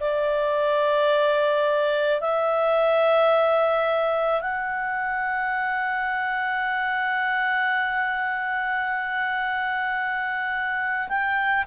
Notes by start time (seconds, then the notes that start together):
0.00 D5
2.20 E5
4.41 F#5
11.09 G5